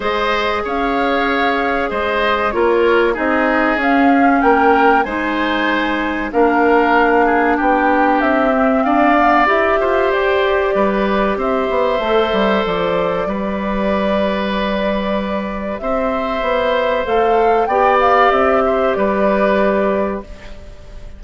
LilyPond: <<
  \new Staff \with { instrumentName = "flute" } { \time 4/4 \tempo 4 = 95 dis''4 f''2 dis''4 | cis''4 dis''4 f''4 g''4 | gis''2 f''2 | g''4 e''4 f''4 e''4 |
d''2 e''2 | d''1~ | d''4 e''2 f''4 | g''8 f''8 e''4 d''2 | }
  \new Staff \with { instrumentName = "oboe" } { \time 4/4 c''4 cis''2 c''4 | ais'4 gis'2 ais'4 | c''2 ais'4. gis'8 | g'2 d''4. c''8~ |
c''4 b'4 c''2~ | c''4 b'2.~ | b'4 c''2. | d''4. c''8 b'2 | }
  \new Staff \with { instrumentName = "clarinet" } { \time 4/4 gis'1 | f'4 dis'4 cis'2 | dis'2 d'2~ | d'4. c'4 b8 g'4~ |
g'2. a'4~ | a'4 g'2.~ | g'2. a'4 | g'1 | }
  \new Staff \with { instrumentName = "bassoon" } { \time 4/4 gis4 cis'2 gis4 | ais4 c'4 cis'4 ais4 | gis2 ais2 | b4 c'4 d'4 e'8 f'8 |
g'4 g4 c'8 b8 a8 g8 | f4 g2.~ | g4 c'4 b4 a4 | b4 c'4 g2 | }
>>